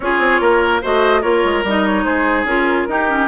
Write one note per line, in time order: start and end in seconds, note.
0.00 0.18 C#4
0.00 0.83 F4
0.00 0.40 G#4
0.00 0.82 C#5
0.18 0.39 C4
0.40 0.81 A#3
0.40 0.81 A#4
0.81 1.23 A3
0.81 1.22 F#4
0.81 1.21 C5
0.81 1.22 D#5
1.21 1.43 A#3
1.21 1.63 F4
1.21 2.03 A#4
1.21 1.63 C#5
1.44 1.63 G#3
1.63 2.04 G3
1.63 2.47 D#4
1.63 1.86 D#5
1.86 2.04 C#5
2.04 2.44 G#3
2.04 2.87 G#4
2.04 2.45 C5
2.44 2.85 C#4
2.44 2.88 F4
2.44 3.28 A#4
2.88 3.28 D#4
2.88 3.09 D#4
2.88 3.28 G4
3.09 3.28 C#4